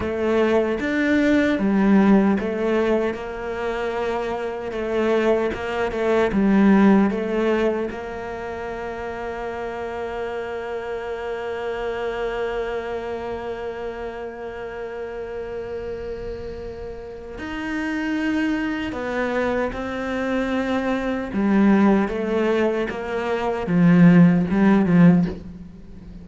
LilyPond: \new Staff \with { instrumentName = "cello" } { \time 4/4 \tempo 4 = 76 a4 d'4 g4 a4 | ais2 a4 ais8 a8 | g4 a4 ais2~ | ais1~ |
ais1~ | ais2 dis'2 | b4 c'2 g4 | a4 ais4 f4 g8 f8 | }